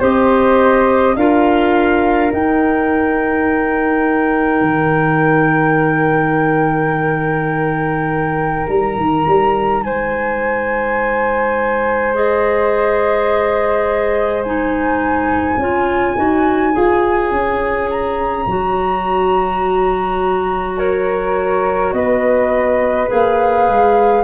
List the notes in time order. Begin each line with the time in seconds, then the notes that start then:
0.00 C4 G4 C5 D#5
1.16 D4 F4 A#4 F5
2.32 D#4 G5
4.62 D#3
8.69 G3 A#5
8.97 D#3
9.27 G3
9.82 G#3 C5 G#5
12.14 G#4 D#5
14.44 D#4 G#5
15.57 C#4 F4 C#5
16.17 D#4 F#4
16.73 F4 G#4
17.31 C#4
17.91 A#5
18.47 F#3 F#4
20.78 A#4 C#5
21.93 B3 B4 D#5
23.08 A#3 G#4 F5
23.69 G#3